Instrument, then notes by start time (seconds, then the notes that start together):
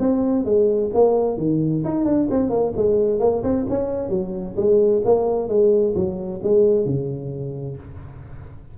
tuba
0.00 C4
0.45 G#3
0.95 A#3
1.38 D#3
1.85 D#4
2.05 D4
2.31 C4
2.50 A#3
2.77 G#3
3.20 A#3
3.44 C4
3.70 C#4
4.10 F#3
4.57 G#3
5.05 A#3
5.49 G#3
5.95 F#3
6.43 G#3
6.86 C#3